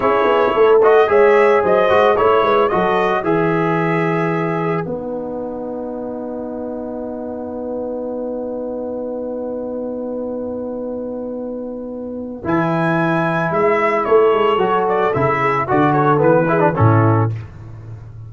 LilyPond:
<<
  \new Staff \with { instrumentName = "trumpet" } { \time 4/4 \tempo 4 = 111 cis''4. dis''8 e''4 dis''4 | cis''4 dis''4 e''2~ | e''4 fis''2.~ | fis''1~ |
fis''1~ | fis''2. gis''4~ | gis''4 e''4 cis''4. d''8 | e''4 d''8 cis''8 b'4 a'4 | }
  \new Staff \with { instrumentName = "horn" } { \time 4/4 gis'4 a'4 cis''4 c''4 | cis''8 b'8 a'4 b'2~ | b'1~ | b'1~ |
b'1~ | b'1~ | b'2 a'2~ | a'8 gis'8 fis'8 a'4 gis'8 e'4 | }
  \new Staff \with { instrumentName = "trombone" } { \time 4/4 e'4. fis'8 gis'4. fis'8 | e'4 fis'4 gis'2~ | gis'4 dis'2.~ | dis'1~ |
dis'1~ | dis'2. e'4~ | e'2. fis'4 | e'4 fis'4 b8 e'16 d'16 cis'4 | }
  \new Staff \with { instrumentName = "tuba" } { \time 4/4 cis'8 b8 a4 gis4 fis8 gis8 | a8 gis8 fis4 e2~ | e4 b2.~ | b1~ |
b1~ | b2. e4~ | e4 gis4 a8 gis8 fis4 | cis4 d4 e4 a,4 | }
>>